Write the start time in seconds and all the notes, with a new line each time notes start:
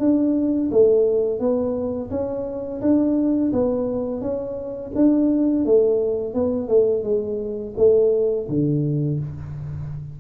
0.00 D4
0.72 A3
1.40 B3
2.11 C#4
2.81 D4
3.53 B3
4.22 C#4
4.95 D4
5.65 A3
6.35 B3
6.68 A3
7.04 G#3
7.77 A3
8.49 D3